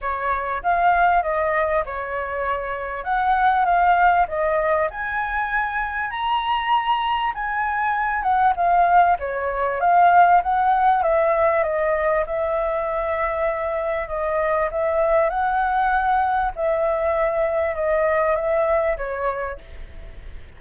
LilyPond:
\new Staff \with { instrumentName = "flute" } { \time 4/4 \tempo 4 = 98 cis''4 f''4 dis''4 cis''4~ | cis''4 fis''4 f''4 dis''4 | gis''2 ais''2 | gis''4. fis''8 f''4 cis''4 |
f''4 fis''4 e''4 dis''4 | e''2. dis''4 | e''4 fis''2 e''4~ | e''4 dis''4 e''4 cis''4 | }